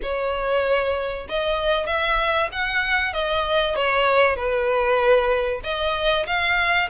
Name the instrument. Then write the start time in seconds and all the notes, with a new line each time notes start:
violin
0.02 C#5
1.28 D#5
1.86 E5
2.51 F#5
3.13 D#5
3.75 C#5
4.36 B4
5.63 D#5
6.26 F5